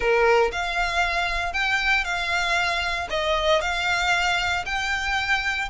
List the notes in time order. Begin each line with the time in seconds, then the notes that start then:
0.00 A#4
0.52 F5
1.53 G5
2.04 F5
3.09 D#5
3.61 F5
4.65 G5